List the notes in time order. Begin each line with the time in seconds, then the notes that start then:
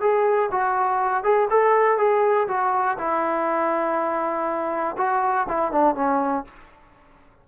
0.00 G#4
0.51 F#4
1.23 G#4
1.50 A4
1.97 G#4
2.47 F#4
2.98 E4
4.97 F#4
5.48 E4
5.72 D4
5.95 C#4